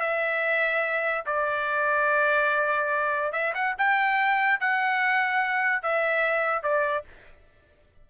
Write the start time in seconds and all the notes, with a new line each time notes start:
0.00 E5
1.26 D5
3.32 E5
3.54 F#5
3.78 G5
4.59 F#5
5.82 E5
6.62 D5